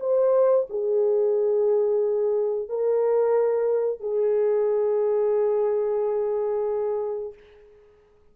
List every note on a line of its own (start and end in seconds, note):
0.00 0.67 C5
0.70 2.69 G#4
2.69 4.00 A#4
4.00 7.34 G#4